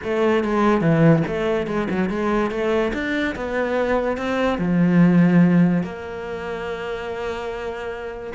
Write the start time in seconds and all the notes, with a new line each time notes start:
0.03 A3
0.44 G#3
0.81 E3
1.27 A3
1.66 G#3
1.89 F#3
2.09 G#3
2.50 A3
2.93 D4
3.35 B3
4.17 C4
4.58 F3
5.83 A#3